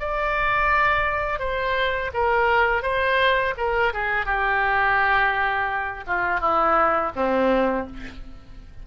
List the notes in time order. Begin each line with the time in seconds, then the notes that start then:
0.00 D5
1.40 C5
2.14 A#4
2.83 C5
3.57 A#4
3.94 G#4
4.26 G4
6.07 F4
6.41 E4
7.16 C4